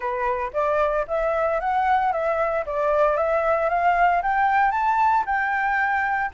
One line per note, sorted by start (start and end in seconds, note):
0.00 0.51 B4
0.53 1.06 D5
1.07 1.60 E5
1.60 2.12 F#5
2.12 2.65 E5
2.66 3.16 D5
3.16 3.69 E5
3.69 4.22 F5
4.22 4.71 G5
4.71 5.24 A5
5.26 6.31 G5